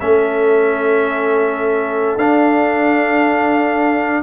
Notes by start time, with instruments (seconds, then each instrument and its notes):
0.00 tuba A3, trombone C#4, horn A4, trumpet E5
2.17 tuba D4, trombone D4, trumpet F5